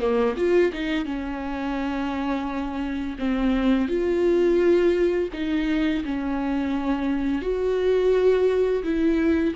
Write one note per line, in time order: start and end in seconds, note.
0.00 0.35 A#3
0.37 0.73 F4
0.73 1.06 D#4
1.06 3.17 C#4
3.19 3.89 C4
3.89 5.30 F4
5.34 6.04 D#4
6.05 7.42 C#4
7.42 8.83 F#4
8.84 9.55 E4